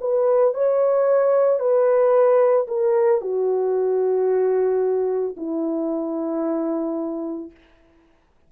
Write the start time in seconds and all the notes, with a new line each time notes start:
0.00 B4
0.54 C#5
1.59 B4
2.67 A#4
3.21 F#4
5.36 E4